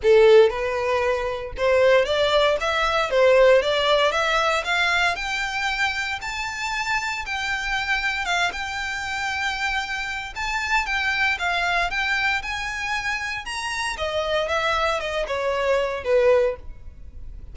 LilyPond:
\new Staff \with { instrumentName = "violin" } { \time 4/4 \tempo 4 = 116 a'4 b'2 c''4 | d''4 e''4 c''4 d''4 | e''4 f''4 g''2 | a''2 g''2 |
f''8 g''2.~ g''8 | a''4 g''4 f''4 g''4 | gis''2 ais''4 dis''4 | e''4 dis''8 cis''4. b'4 | }